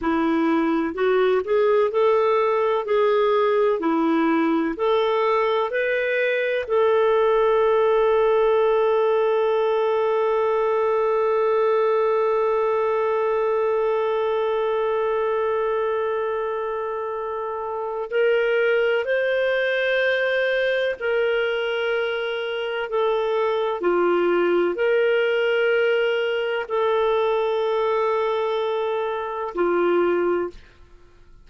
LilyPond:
\new Staff \with { instrumentName = "clarinet" } { \time 4/4 \tempo 4 = 63 e'4 fis'8 gis'8 a'4 gis'4 | e'4 a'4 b'4 a'4~ | a'1~ | a'1~ |
a'2. ais'4 | c''2 ais'2 | a'4 f'4 ais'2 | a'2. f'4 | }